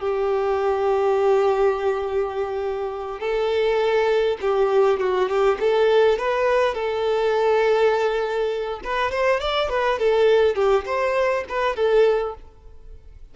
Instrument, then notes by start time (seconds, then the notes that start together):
violin
0.00 G4
3.21 A4
4.42 G4
5.00 F#4
5.29 G4
5.60 A4
6.19 B4
6.75 A4
8.84 B4
9.12 C5
9.41 D5
9.70 B4
9.99 A4
10.56 G4
10.86 C5
11.49 B4
11.76 A4